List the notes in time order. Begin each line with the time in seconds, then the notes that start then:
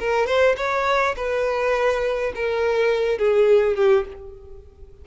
0.00 A#4
0.27 C5
0.57 C#5
1.17 B4
2.36 A#4
3.19 G#4
3.76 G4